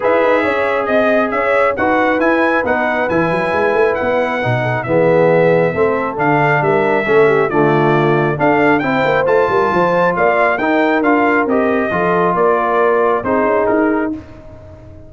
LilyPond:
<<
  \new Staff \with { instrumentName = "trumpet" } { \time 4/4 \tempo 4 = 136 e''2 dis''4 e''4 | fis''4 gis''4 fis''4 gis''4~ | gis''4 fis''2 e''4~ | e''2 f''4 e''4~ |
e''4 d''2 f''4 | g''4 a''2 f''4 | g''4 f''4 dis''2 | d''2 c''4 ais'4 | }
  \new Staff \with { instrumentName = "horn" } { \time 4/4 b'4 cis''4 dis''4 cis''4 | b'1~ | b'2~ b'8 a'8 gis'4~ | gis'4 a'2 ais'4 |
a'8 g'8 f'2 a'4 | c''4. ais'8 c''4 d''4 | ais'2. a'4 | ais'2 gis'2 | }
  \new Staff \with { instrumentName = "trombone" } { \time 4/4 gis'1 | fis'4 e'4 dis'4 e'4~ | e'2 dis'4 b4~ | b4 c'4 d'2 |
cis'4 a2 d'4 | e'4 f'2. | dis'4 f'4 g'4 f'4~ | f'2 dis'2 | }
  \new Staff \with { instrumentName = "tuba" } { \time 4/4 e'8 dis'8 cis'4 c'4 cis'4 | dis'4 e'4 b4 e8 fis8 | gis8 a8 b4 b,4 e4~ | e4 a4 d4 g4 |
a4 d2 d'4 | c'8 ais8 a8 g8 f4 ais4 | dis'4 d'4 c'4 f4 | ais2 c'8 cis'8 dis'4 | }
>>